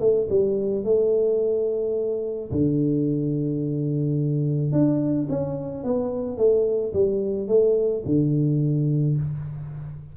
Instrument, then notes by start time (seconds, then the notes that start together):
tuba
0.00 A3
0.30 G3
0.84 A3
2.52 D3
4.72 D4
5.29 C#4
5.84 B3
6.38 A3
6.93 G3
7.48 A3
8.06 D3